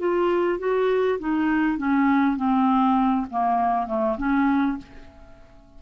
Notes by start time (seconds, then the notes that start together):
0.00 F4
0.59 F#4
1.20 D#4
1.78 C#4
2.37 C4
3.31 A#3
3.87 A3
4.18 C#4